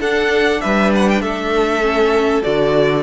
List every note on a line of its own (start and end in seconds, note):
0.00 0.61 D4
0.00 1.82 D4
0.00 0.61 A4
0.00 0.61 F#5
0.61 1.21 G3
0.61 1.22 B4
0.61 0.92 E5
0.95 1.09 F#5
1.09 1.22 G5
1.21 2.42 A3
1.21 3.03 A4
1.21 2.43 E5
1.82 2.42 C#4
2.43 3.03 D3
2.43 3.03 F#4
2.43 3.03 D5